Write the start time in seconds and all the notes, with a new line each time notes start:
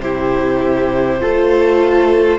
0.00 C3 E4 G4 C5
1.21 A3 F4 A4